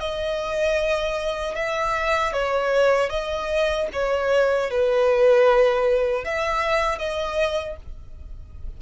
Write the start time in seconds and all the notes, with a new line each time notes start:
0.00 D#5
1.55 E5
2.33 C#5
3.10 D#5
3.93 C#5
4.70 B4
6.24 E5
6.98 D#5